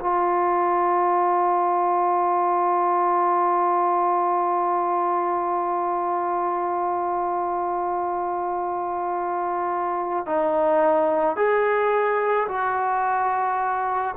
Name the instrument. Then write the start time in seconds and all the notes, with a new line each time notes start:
trombone
0.00 F4
10.26 D#4
11.36 G#4
12.48 F#4